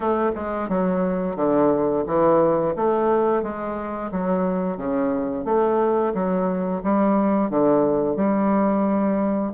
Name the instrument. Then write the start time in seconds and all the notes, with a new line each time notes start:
bassoon
0.00 A3
0.35 G#3
0.68 F#3
1.36 D3
2.06 E3
2.76 A3
3.42 G#3
4.11 F#3
4.77 C#3
5.45 A3
6.14 F#3
6.83 G3
7.50 D3
8.16 G3